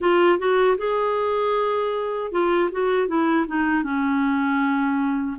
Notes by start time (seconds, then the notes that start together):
0.00 F4
0.38 F#4
0.77 G#4
2.31 F4
2.71 F#4
3.07 E4
3.47 D#4
3.83 C#4